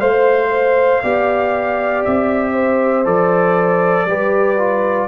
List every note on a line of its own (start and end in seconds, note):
0.00 1.02 A3
0.00 1.02 C5
0.00 2.03 F5
1.03 2.05 B3
1.03 3.04 G4
1.03 2.53 D5
2.04 3.06 C4
2.04 3.06 E5
2.53 4.05 C5
3.04 4.06 F3
3.04 4.06 A4
3.04 5.08 D5
4.06 5.07 G3
4.06 4.58 G4
4.06 5.08 B4
4.58 5.08 F4